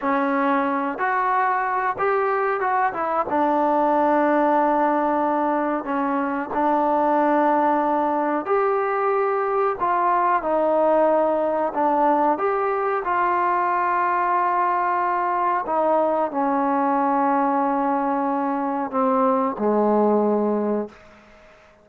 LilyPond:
\new Staff \with { instrumentName = "trombone" } { \time 4/4 \tempo 4 = 92 cis'4. fis'4. g'4 | fis'8 e'8 d'2.~ | d'4 cis'4 d'2~ | d'4 g'2 f'4 |
dis'2 d'4 g'4 | f'1 | dis'4 cis'2.~ | cis'4 c'4 gis2 | }